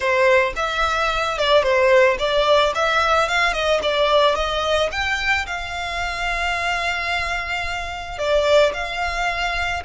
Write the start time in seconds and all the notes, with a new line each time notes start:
0.00 C5
0.56 E5
1.38 D5
1.62 C5
2.18 D5
2.74 E5
3.28 F5
3.53 D#5
3.82 D5
4.35 D#5
4.91 G5
5.46 F5
8.18 D5
8.73 F5